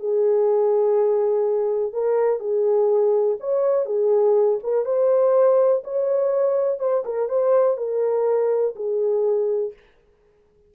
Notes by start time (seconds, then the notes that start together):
0.00 G#4
1.93 A#4
2.40 G#4
3.40 C#5
3.86 G#4
4.64 A#4
4.86 C5
5.84 C#5
6.80 C5
7.05 A#4
7.29 C5
7.77 A#4
8.76 G#4